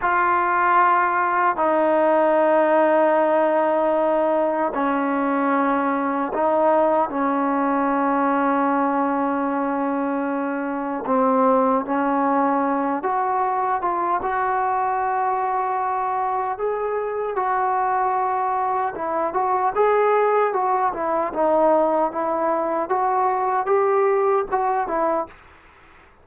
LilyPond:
\new Staff \with { instrumentName = "trombone" } { \time 4/4 \tempo 4 = 76 f'2 dis'2~ | dis'2 cis'2 | dis'4 cis'2.~ | cis'2 c'4 cis'4~ |
cis'8 fis'4 f'8 fis'2~ | fis'4 gis'4 fis'2 | e'8 fis'8 gis'4 fis'8 e'8 dis'4 | e'4 fis'4 g'4 fis'8 e'8 | }